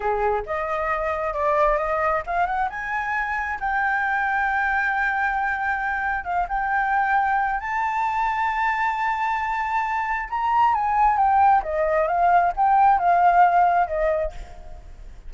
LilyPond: \new Staff \with { instrumentName = "flute" } { \time 4/4 \tempo 4 = 134 gis'4 dis''2 d''4 | dis''4 f''8 fis''8 gis''2 | g''1~ | g''2 f''8 g''4.~ |
g''4 a''2.~ | a''2. ais''4 | gis''4 g''4 dis''4 f''4 | g''4 f''2 dis''4 | }